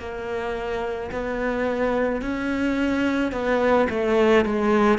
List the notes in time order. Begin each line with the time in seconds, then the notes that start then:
0.00 A#3
1.12 B3
2.22 C#4
3.33 B3
3.90 A3
4.45 G#3